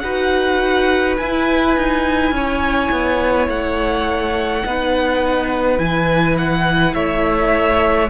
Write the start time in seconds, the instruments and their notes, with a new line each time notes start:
0.00 cello D#4, viola F#4, violin B4 F#5
1.18 viola E4, cello E4, violin G#5
1.77 cello D#4
2.31 cello C#4, violin C#5
2.92 cello B3
3.48 cello A3, violin F#5
4.65 cello B3, viola D#4, violin B4
5.78 cello E3, viola E4, violin G#5
6.38 violin F#5
6.94 cello A3, violin C#5 E5